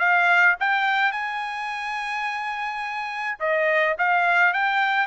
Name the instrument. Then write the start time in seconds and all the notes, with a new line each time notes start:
trumpet
0.00 F5
0.60 G5
1.12 G#5
3.40 D#5
3.99 F5
4.54 G5